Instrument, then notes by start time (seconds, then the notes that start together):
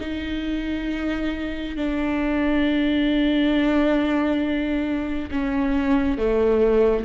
viola
0.00 D#4
1.76 D4
5.31 C#4
6.18 A3